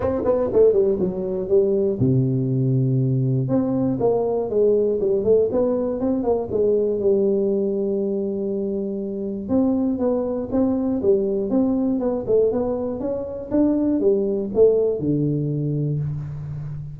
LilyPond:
\new Staff \with { instrumentName = "tuba" } { \time 4/4 \tempo 4 = 120 c'8 b8 a8 g8 fis4 g4 | c2. c'4 | ais4 gis4 g8 a8 b4 | c'8 ais8 gis4 g2~ |
g2. c'4 | b4 c'4 g4 c'4 | b8 a8 b4 cis'4 d'4 | g4 a4 d2 | }